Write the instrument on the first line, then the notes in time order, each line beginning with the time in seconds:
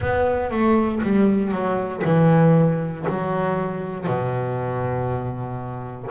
double bass
0.00 B3
0.50 A3
1.03 G3
1.51 F#3
2.04 E3
3.08 F#3
4.07 B2